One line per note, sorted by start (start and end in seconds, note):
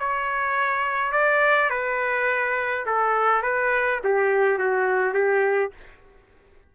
0.00 1.13 C#5
1.13 1.70 D5
1.70 2.86 B4
2.87 3.43 A4
3.43 4.01 B4
4.05 4.59 G4
4.59 5.14 F#4
5.14 5.72 G4